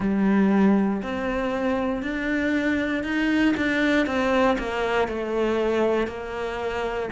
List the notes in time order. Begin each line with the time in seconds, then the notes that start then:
0.00 G3
1.02 C4
2.02 D4
3.03 D#4
3.56 D4
4.06 C4
4.58 A#3
5.08 A3
6.07 A#3